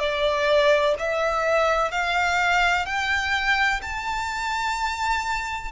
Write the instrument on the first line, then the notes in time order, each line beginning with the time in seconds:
violin
0.00 D5
0.99 E5
1.91 F5
2.86 G5
3.82 A5